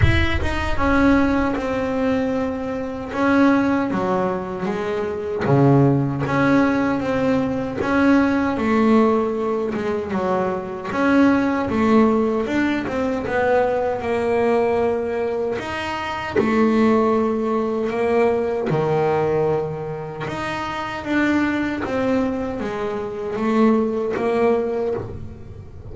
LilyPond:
\new Staff \with { instrumentName = "double bass" } { \time 4/4 \tempo 4 = 77 e'8 dis'8 cis'4 c'2 | cis'4 fis4 gis4 cis4 | cis'4 c'4 cis'4 a4~ | a8 gis8 fis4 cis'4 a4 |
d'8 c'8 b4 ais2 | dis'4 a2 ais4 | dis2 dis'4 d'4 | c'4 gis4 a4 ais4 | }